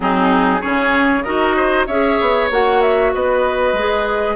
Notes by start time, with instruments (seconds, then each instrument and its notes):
0.00 bassoon F#3, clarinet C4, oboe D#4, flute G#4
0.61 bassoon C#3, clarinet C#4, oboe G#4, flute C#5
1.23 bassoon D#4, clarinet F#4, oboe A#4, flute D#5
1.56 oboe C5
1.86 bassoon C#4, clarinet G#4, oboe C#5, flute E5
2.20 bassoon B3
2.50 bassoon A#3, clarinet F#4, flute F#5
2.81 flute E5
3.13 bassoon B3, oboe B4, flute D#5
3.72 bassoon G#3, clarinet G#4